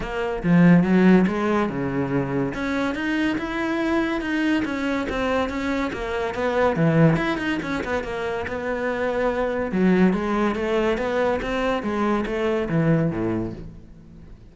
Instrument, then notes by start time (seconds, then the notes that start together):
cello
0.00 A#3
0.43 F3
0.83 F#3
1.27 G#3
1.69 C#3
2.54 C#4
2.95 D#4
3.38 E4
4.21 D#4
4.64 C#4
5.09 C4
5.49 C#4
5.93 A#3
6.34 B3
6.75 E3
7.16 E4
7.37 D#4
7.62 C#4
7.84 B3
8.03 A#3
8.47 B3
9.71 F#3
10.13 G#3
10.55 A3
10.97 B3
11.41 C4
11.82 G#3
12.26 A3
12.69 E3
13.10 A2